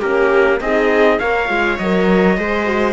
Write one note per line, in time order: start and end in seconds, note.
0.00 0.61 A#3
0.00 0.62 C#4
0.00 0.59 G4
0.00 0.61 A#4
0.61 1.20 C4
0.61 1.21 D#4
0.61 1.21 G#4
0.61 1.19 D#5
1.19 1.50 A#3
1.19 1.49 A#4
1.19 2.38 C#5
1.19 1.78 F5
1.49 1.79 G#3
1.49 1.78 F4
1.79 2.38 F#3
1.79 2.38 A#4
1.79 2.94 D#5
2.38 2.94 G#3
2.38 2.66 G#4
2.38 2.94 C5
2.66 2.94 F#4